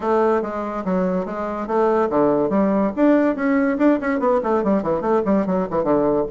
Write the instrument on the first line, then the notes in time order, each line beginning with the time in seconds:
bassoon
0.00 A3
0.42 G#3
0.84 F#3
1.25 G#3
1.67 A3
2.09 D3
2.49 G3
2.96 D4
3.35 C#4
3.78 D4
4.00 C#4
4.19 B3
4.43 A3
4.63 G3
4.82 E3
5.01 A3
5.25 G3
5.46 F#3
5.70 E3
5.83 D3